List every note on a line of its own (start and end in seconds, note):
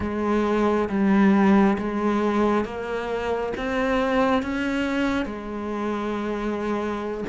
0.00 0.88 G#3
0.89 1.77 G3
1.78 2.64 G#3
2.64 3.53 A#3
3.57 4.42 C4
4.42 5.25 C#4
5.25 7.24 G#3